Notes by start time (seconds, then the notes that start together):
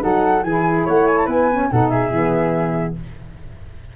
0.00 F#3 D#4 A4 F#5
0.43 E3 E4 G#4 G#5
0.85 A3 C#5 F#5
1.07 G#5
1.17 A5
1.25 B3 B4 G#5
1.51 C#4
1.71 B2 D#4 A4 F#5
1.89 G#4 E5
2.10 E3 B3